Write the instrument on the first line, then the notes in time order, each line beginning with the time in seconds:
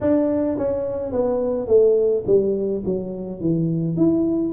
tuba
0.01 D4
0.57 C#4
1.12 B3
1.67 A3
2.26 G3
2.85 F#3
3.40 E3
3.96 E4